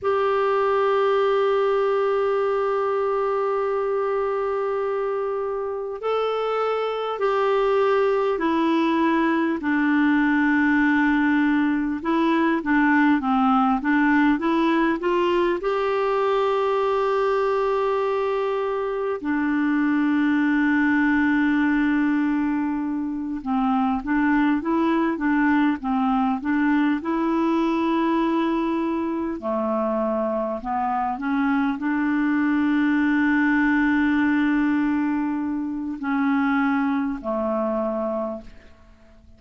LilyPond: \new Staff \with { instrumentName = "clarinet" } { \time 4/4 \tempo 4 = 50 g'1~ | g'4 a'4 g'4 e'4 | d'2 e'8 d'8 c'8 d'8 | e'8 f'8 g'2. |
d'2.~ d'8 c'8 | d'8 e'8 d'8 c'8 d'8 e'4.~ | e'8 a4 b8 cis'8 d'4.~ | d'2 cis'4 a4 | }